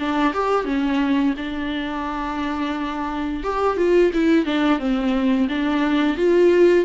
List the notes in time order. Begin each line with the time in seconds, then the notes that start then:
0.00 D4
0.34 G4
0.66 C#4
1.38 D4
3.44 G4
3.77 F4
4.14 E4
4.46 D4
4.79 C4
5.49 D4
6.17 F4